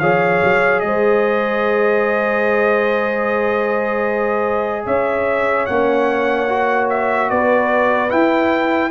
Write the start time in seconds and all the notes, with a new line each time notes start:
0.00 F3 G#4 C#5 F5
0.44 F#3
0.80 G#3 C5 D#5
4.86 C#4 C#5 E5
5.66 A#3 C#4 F#5
6.50 F#4
6.90 E5
7.30 B3 B4 D5
8.10 E4 G5